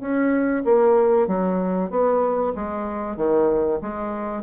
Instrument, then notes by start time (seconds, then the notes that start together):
bassoon
0.00 C#4
0.64 A#3
1.27 F#3
1.90 B3
2.55 G#3
3.16 D#3
3.81 G#3